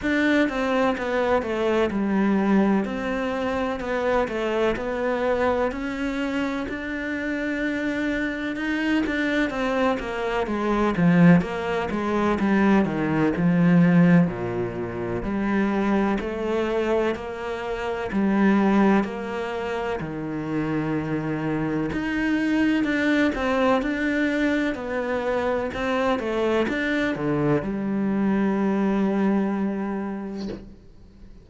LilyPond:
\new Staff \with { instrumentName = "cello" } { \time 4/4 \tempo 4 = 63 d'8 c'8 b8 a8 g4 c'4 | b8 a8 b4 cis'4 d'4~ | d'4 dis'8 d'8 c'8 ais8 gis8 f8 | ais8 gis8 g8 dis8 f4 ais,4 |
g4 a4 ais4 g4 | ais4 dis2 dis'4 | d'8 c'8 d'4 b4 c'8 a8 | d'8 d8 g2. | }